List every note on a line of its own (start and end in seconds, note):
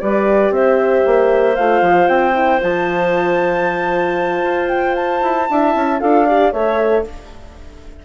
0.00 0.50 G3
0.00 1.57 G4
0.00 0.53 B4
0.00 0.52 D5
0.50 1.03 C4
0.50 5.49 C5
0.50 1.55 E5
1.06 1.58 A#3
1.55 1.81 A3
1.55 2.33 F4
1.55 2.08 F5
1.81 2.07 F3
2.08 2.60 C4
2.08 2.60 G5
2.33 2.59 E4
2.61 4.43 F3
2.61 5.48 F4
2.61 4.69 A5
4.43 5.21 F4
4.69 4.95 G5
4.95 6.00 A5
5.22 5.48 E4
5.49 5.75 D4
5.49 6.00 E4
5.49 6.00 E5
5.75 6.01 C#4
6.00 6.53 D4
6.00 6.26 F4
6.00 6.26 A4
6.00 6.52 F5
6.26 6.53 G4
6.26 6.52 D5
6.52 7.05 A3
6.52 7.05 A4
6.52 7.04 C#5
6.52 7.04 E5